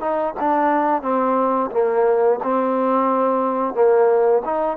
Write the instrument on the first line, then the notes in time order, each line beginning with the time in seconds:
trombone
0.00 D#4
0.40 D4
1.02 C4
1.71 A#3
2.43 C4
3.74 A#3
4.45 D#4